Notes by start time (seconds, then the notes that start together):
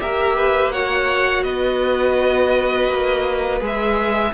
0.00 A#3 G4 A#4 E5
0.37 B4
0.72 F#4 C#5 F#5
1.44 B3 B4 D#5
2.89 A#3
3.60 G#3 G#4
3.67 E5